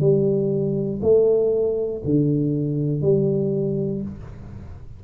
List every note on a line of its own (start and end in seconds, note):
0.00 1.00 G3
1.02 2.02 A3
2.05 3.02 D3
3.02 4.02 G3